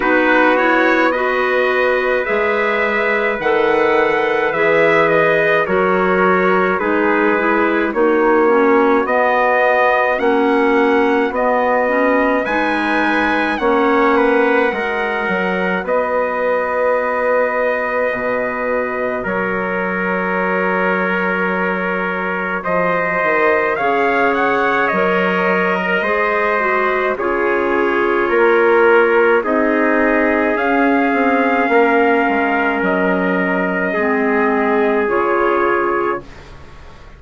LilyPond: <<
  \new Staff \with { instrumentName = "trumpet" } { \time 4/4 \tempo 4 = 53 b'8 cis''8 dis''4 e''4 fis''4 | e''8 dis''8 cis''4 b'4 cis''4 | dis''4 fis''4 dis''4 gis''4 | fis''2 dis''2~ |
dis''4 cis''2. | dis''4 f''8 fis''8 dis''2 | cis''2 dis''4 f''4~ | f''4 dis''2 cis''4 | }
  \new Staff \with { instrumentName = "trumpet" } { \time 4/4 fis'4 b'2.~ | b'4 ais'4 gis'4 fis'4~ | fis'2. b'4 | cis''8 b'8 ais'4 b'2~ |
b'4 ais'2. | c''4 cis''4.~ cis''16 ais'16 c''4 | gis'4 ais'4 gis'2 | ais'2 gis'2 | }
  \new Staff \with { instrumentName = "clarinet" } { \time 4/4 dis'8 e'8 fis'4 gis'4 a'4 | gis'4 fis'4 dis'8 e'8 dis'8 cis'8 | b4 cis'4 b8 cis'8 dis'4 | cis'4 fis'2.~ |
fis'1~ | fis'4 gis'4 ais'4 gis'8 fis'8 | f'2 dis'4 cis'4~ | cis'2 c'4 f'4 | }
  \new Staff \with { instrumentName = "bassoon" } { \time 4/4 b2 gis4 dis4 | e4 fis4 gis4 ais4 | b4 ais4 b4 gis4 | ais4 gis8 fis8 b2 |
b,4 fis2. | f8 dis8 cis4 fis4 gis4 | cis4 ais4 c'4 cis'8 c'8 | ais8 gis8 fis4 gis4 cis4 | }
>>